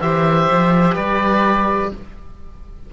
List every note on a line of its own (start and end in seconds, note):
0.00 0.48 E3
0.00 1.93 G4
0.00 0.95 C5
0.00 0.95 E5
0.51 0.96 F3
0.95 1.91 G3
0.95 1.90 B4
0.95 1.91 D5